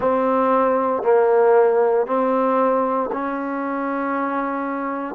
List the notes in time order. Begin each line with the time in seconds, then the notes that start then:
0.00 C4
1.03 A#3
2.06 C4
3.12 C#4